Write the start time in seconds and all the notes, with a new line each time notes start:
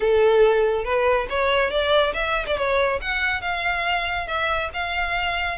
0.00 A4
0.84 B4
1.29 C#5
1.70 D5
2.13 E5
2.46 D5
2.57 C#5
3.01 F#5
3.41 F5
4.27 E5
4.73 F5